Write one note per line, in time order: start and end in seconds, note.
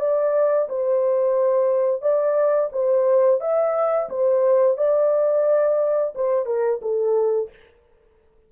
0.00 0.68 D5
0.69 2.02 C5
2.02 2.70 D5
2.72 3.41 C5
3.41 4.09 E5
4.09 4.78 C5
4.78 6.14 D5
6.15 6.46 C5
6.46 6.80 A#4
6.82 7.50 A4